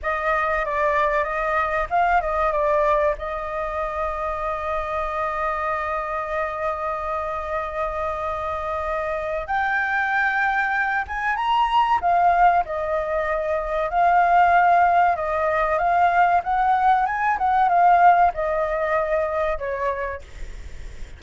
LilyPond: \new Staff \with { instrumentName = "flute" } { \time 4/4 \tempo 4 = 95 dis''4 d''4 dis''4 f''8 dis''8 | d''4 dis''2.~ | dis''1~ | dis''2. g''4~ |
g''4. gis''8 ais''4 f''4 | dis''2 f''2 | dis''4 f''4 fis''4 gis''8 fis''8 | f''4 dis''2 cis''4 | }